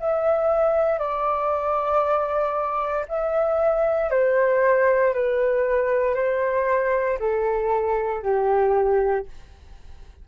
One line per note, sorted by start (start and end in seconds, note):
0.00 0.99 E5
0.99 3.06 D5
3.08 4.11 E5
4.11 5.14 C5
5.14 6.15 B4
6.15 7.18 C5
7.19 8.22 A4
8.22 9.26 G4